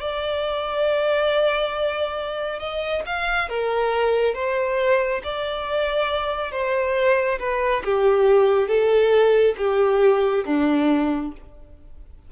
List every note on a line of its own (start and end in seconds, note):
0.00 2.59 D5
2.59 3.02 D#5
3.06 3.49 F5
3.49 4.34 A#4
4.34 5.21 C5
5.24 6.51 D5
6.51 7.38 C5
7.39 7.83 B4
7.84 8.68 G4
8.68 9.55 A4
9.57 10.44 G4
10.45 11.32 D4